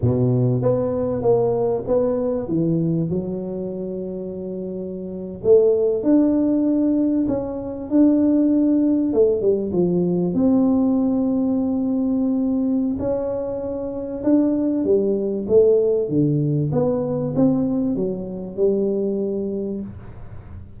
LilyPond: \new Staff \with { instrumentName = "tuba" } { \time 4/4 \tempo 4 = 97 b,4 b4 ais4 b4 | e4 fis2.~ | fis8. a4 d'2 cis'16~ | cis'8. d'2 a8 g8 f16~ |
f8. c'2.~ c'16~ | c'4 cis'2 d'4 | g4 a4 d4 b4 | c'4 fis4 g2 | }